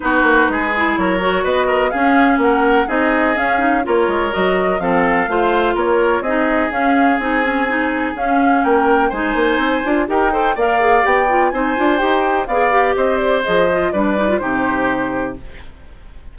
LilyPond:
<<
  \new Staff \with { instrumentName = "flute" } { \time 4/4 \tempo 4 = 125 b'2 cis''4 dis''4 | f''4 fis''4 dis''4 f''4 | cis''4 dis''4 f''2 | cis''4 dis''4 f''4 gis''4~ |
gis''4 f''4 g''4 gis''4~ | gis''4 g''4 f''4 g''4 | gis''4 g''4 f''4 dis''8 d''8 | dis''4 d''4 c''2 | }
  \new Staff \with { instrumentName = "oboe" } { \time 4/4 fis'4 gis'4 ais'4 b'8 ais'8 | gis'4 ais'4 gis'2 | ais'2 a'4 c''4 | ais'4 gis'2.~ |
gis'2 ais'4 c''4~ | c''4 ais'8 c''8 d''2 | c''2 d''4 c''4~ | c''4 b'4 g'2 | }
  \new Staff \with { instrumentName = "clarinet" } { \time 4/4 dis'4. e'4 fis'4. | cis'2 dis'4 cis'8 dis'8 | f'4 fis'4 c'4 f'4~ | f'4 dis'4 cis'4 dis'8 cis'8 |
dis'4 cis'2 dis'4~ | dis'8 f'8 g'8 a'8 ais'8 gis'8 g'8 f'8 | dis'8 f'8 g'4 gis'8 g'4. | gis'8 f'8 d'8 dis'16 f'16 dis'2 | }
  \new Staff \with { instrumentName = "bassoon" } { \time 4/4 b8 ais8 gis4 fis4 b4 | cis'4 ais4 c'4 cis'4 | ais8 gis8 fis4 f4 a4 | ais4 c'4 cis'4 c'4~ |
c'4 cis'4 ais4 gis8 ais8 | c'8 d'8 dis'4 ais4 b4 | c'8 d'8 dis'4 b4 c'4 | f4 g4 c2 | }
>>